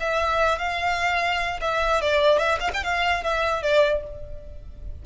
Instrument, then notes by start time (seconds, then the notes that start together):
violin
0.00 E5
0.59 F5
1.61 E5
2.01 D5
2.38 E5
2.60 F5
2.74 G5
2.84 F5
3.24 E5
3.62 D5